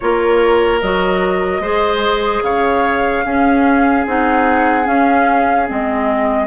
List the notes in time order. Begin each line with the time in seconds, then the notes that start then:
0.00 A#3 F4 A#4 C#5
0.81 F#3 F#4 D#5
1.59 G#3 G#4 C5
2.42 C#3 C#5 F5
3.24 C#4 G#4
4.06 C4 D#4 F#5
4.84 C#4 F5
5.66 G#3 C4 D#5